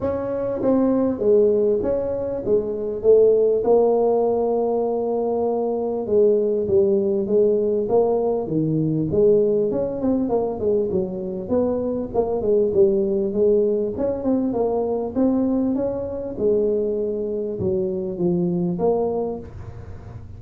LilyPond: \new Staff \with { instrumentName = "tuba" } { \time 4/4 \tempo 4 = 99 cis'4 c'4 gis4 cis'4 | gis4 a4 ais2~ | ais2 gis4 g4 | gis4 ais4 dis4 gis4 |
cis'8 c'8 ais8 gis8 fis4 b4 | ais8 gis8 g4 gis4 cis'8 c'8 | ais4 c'4 cis'4 gis4~ | gis4 fis4 f4 ais4 | }